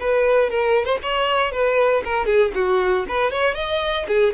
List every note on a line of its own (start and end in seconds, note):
0.00 0.50 B4
0.50 0.86 A#4
0.86 0.98 C5
1.03 1.52 C#5
1.52 2.03 B4
2.04 2.26 A#4
2.26 2.52 G#4
2.55 3.06 F#4
3.08 3.31 B4
3.31 3.55 C#5
3.55 4.06 D#5
4.08 4.33 G#4